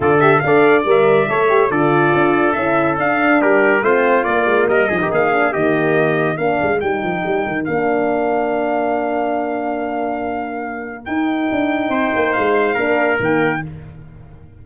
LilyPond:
<<
  \new Staff \with { instrumentName = "trumpet" } { \time 4/4 \tempo 4 = 141 d''8 e''8 f''4 e''2 | d''2 e''4 f''4 | ais'4 c''4 d''4 dis''4 | f''4 dis''2 f''4 |
g''2 f''2~ | f''1~ | f''2 g''2~ | g''4 f''2 g''4 | }
  \new Staff \with { instrumentName = "trumpet" } { \time 4/4 a'4 d''2 cis''4 | a'1 | g'4 f'2 ais'8 gis'16 g'16 | gis'4 g'2 ais'4~ |
ais'1~ | ais'1~ | ais'1 | c''2 ais'2 | }
  \new Staff \with { instrumentName = "horn" } { \time 4/4 f'8 g'8 a'4 ais'4 a'8 g'8 | f'2 e'4 d'4~ | d'4 c'4 ais4. dis'8~ | dis'8 d'8 ais2 d'4 |
dis'2 d'2~ | d'1~ | d'2 dis'2~ | dis'2 d'4 ais4 | }
  \new Staff \with { instrumentName = "tuba" } { \time 4/4 d4 d'4 g4 a4 | d4 d'4 cis'4 d'4 | g4 a4 ais8 gis8 g8 f16 dis16 | ais4 dis2 ais8 gis8 |
g8 f8 g8 dis8 ais2~ | ais1~ | ais2 dis'4 d'4 | c'8 ais8 gis4 ais4 dis4 | }
>>